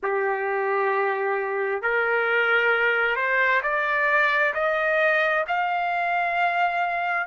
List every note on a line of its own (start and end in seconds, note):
0.02 1.82 G4
1.82 3.16 A#4
3.16 3.61 C5
3.62 4.53 D5
4.54 5.45 D#5
5.48 7.26 F5